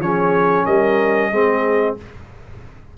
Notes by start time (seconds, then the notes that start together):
0.00 F3 C#4 G#4 C#5
0.66 G3 A#4 D#5
1.32 G#3 C4 G#4